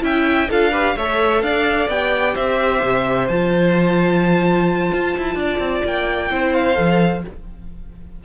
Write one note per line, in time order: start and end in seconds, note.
0.00 0.48 C#4
0.00 0.47 E4
0.00 0.49 E5
0.00 0.50 G5
0.49 0.96 D4
0.49 0.72 F4
0.49 0.72 A4
0.49 0.97 F5
0.72 0.95 G4
0.72 0.95 B4
0.96 1.42 A3
0.96 1.91 A4
0.96 1.43 C#5
0.96 1.42 E5
1.42 1.88 D4
1.42 2.34 D5
1.42 1.89 F5
1.88 2.34 B3
1.88 3.30 G4
1.88 2.36 G5
2.34 2.82 C4
2.34 5.37 C5
2.34 3.28 E5
2.82 3.28 C3
3.28 4.91 F3
3.28 6.30 F4
3.28 5.84 A5
4.93 5.16 F4
5.17 5.35 E4
5.35 5.58 D4
5.35 6.31 D5
5.59 5.82 C4
5.84 6.30 A#3
5.84 6.53 G5
6.30 6.77 C4
6.30 6.75 E4
6.30 7.24 C5
6.53 7.23 F5
6.75 7.24 F3
6.75 7.21 A4